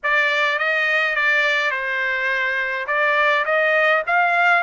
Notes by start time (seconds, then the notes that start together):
0.03 D5
0.58 D#5
1.15 D5
1.70 C5
2.87 D5
3.45 D#5
4.06 F5